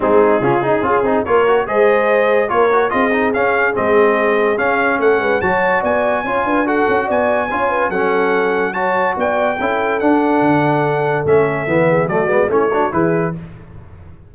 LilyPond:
<<
  \new Staff \with { instrumentName = "trumpet" } { \time 4/4 \tempo 4 = 144 gis'2. cis''4 | dis''2 cis''4 dis''4 | f''4 dis''2 f''4 | fis''4 a''4 gis''2 |
fis''4 gis''2 fis''4~ | fis''4 a''4 g''2 | fis''2. e''4~ | e''4 d''4 cis''4 b'4 | }
  \new Staff \with { instrumentName = "horn" } { \time 4/4 dis'4 f'8 dis'8 gis'4 ais'4 | c''2 ais'4 gis'4~ | gis'1 | a'8 b'8 cis''4 d''4 cis''8 b'8 |
a'4 d''4 cis''8 b'8 a'4~ | a'4 cis''4 d''4 a'4~ | a'1~ | a'8 gis'8 fis'4 e'8 fis'8 gis'4 | }
  \new Staff \with { instrumentName = "trombone" } { \time 4/4 c'4 cis'8 dis'8 f'8 dis'8 f'8 fis'8 | gis'2 f'8 fis'8 f'8 dis'8 | cis'4 c'2 cis'4~ | cis'4 fis'2 f'4 |
fis'2 f'4 cis'4~ | cis'4 fis'2 e'4 | d'2. cis'4 | b4 a8 b8 cis'8 d'8 e'4 | }
  \new Staff \with { instrumentName = "tuba" } { \time 4/4 gis4 cis4 cis'8 c'8 ais4 | gis2 ais4 c'4 | cis'4 gis2 cis'4 | a8 gis8 fis4 b4 cis'8 d'8~ |
d'8 cis'8 b4 cis'4 fis4~ | fis2 b4 cis'4 | d'4 d2 a4 | e4 fis8 gis8 a4 e4 | }
>>